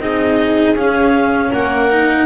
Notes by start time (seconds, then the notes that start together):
0.00 C4 D#4 G#4 D#5
0.75 C#4 F5
1.50 A#3 A#4 F#5
1.91 D#4